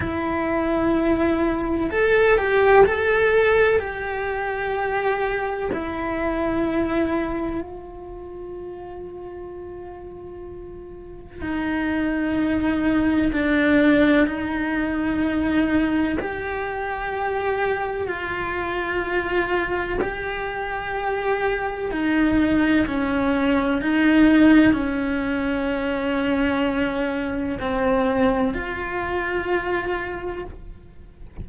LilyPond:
\new Staff \with { instrumentName = "cello" } { \time 4/4 \tempo 4 = 63 e'2 a'8 g'8 a'4 | g'2 e'2 | f'1 | dis'2 d'4 dis'4~ |
dis'4 g'2 f'4~ | f'4 g'2 dis'4 | cis'4 dis'4 cis'2~ | cis'4 c'4 f'2 | }